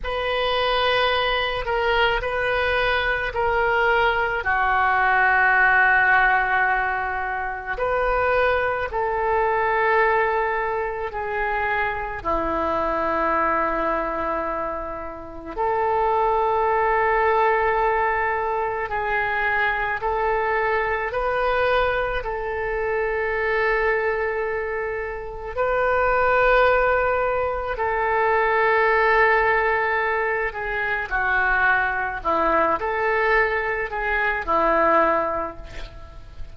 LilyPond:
\new Staff \with { instrumentName = "oboe" } { \time 4/4 \tempo 4 = 54 b'4. ais'8 b'4 ais'4 | fis'2. b'4 | a'2 gis'4 e'4~ | e'2 a'2~ |
a'4 gis'4 a'4 b'4 | a'2. b'4~ | b'4 a'2~ a'8 gis'8 | fis'4 e'8 a'4 gis'8 e'4 | }